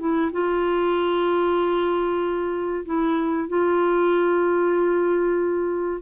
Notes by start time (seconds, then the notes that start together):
0.00 E4
0.33 F4
2.86 E4
3.49 F4